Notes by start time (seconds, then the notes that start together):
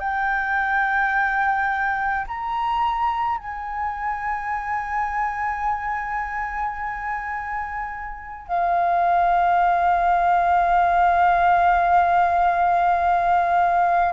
0.00 G5
2.28 A#5
3.39 G#5
8.48 F5